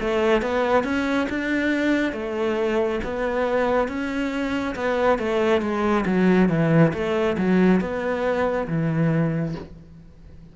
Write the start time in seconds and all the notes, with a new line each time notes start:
0.00 A3
0.42 B3
0.84 C#4
1.29 D4
2.13 A3
3.04 B3
3.88 C#4
4.75 B3
5.19 A3
5.61 G#3
6.06 F#3
6.49 E3
6.93 A3
7.38 F#3
7.80 B3
8.68 E3